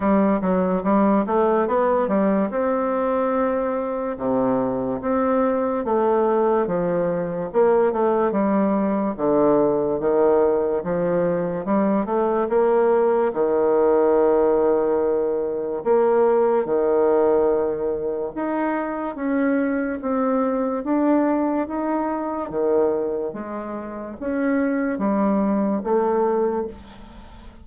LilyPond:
\new Staff \with { instrumentName = "bassoon" } { \time 4/4 \tempo 4 = 72 g8 fis8 g8 a8 b8 g8 c'4~ | c'4 c4 c'4 a4 | f4 ais8 a8 g4 d4 | dis4 f4 g8 a8 ais4 |
dis2. ais4 | dis2 dis'4 cis'4 | c'4 d'4 dis'4 dis4 | gis4 cis'4 g4 a4 | }